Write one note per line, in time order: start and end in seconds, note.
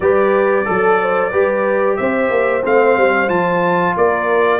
0.00 0.65 G3
0.00 0.65 G4
0.00 0.65 B4
0.00 1.96 D5
0.65 1.32 F#3
0.65 1.31 A4
0.65 0.98 A4
1.02 1.31 C5
1.31 1.98 G3
1.31 2.63 G4
1.31 1.97 B4
1.96 2.30 C4
1.96 3.96 C5
1.96 2.62 E5
2.30 2.63 A#3
2.63 2.97 A3
2.63 3.28 C4
2.63 3.29 F5
2.97 3.29 G3
3.28 3.95 F3
3.28 4.59 F4
3.28 3.95 A5
3.96 4.59 A#3
3.96 4.59 A#4
3.96 4.59 D5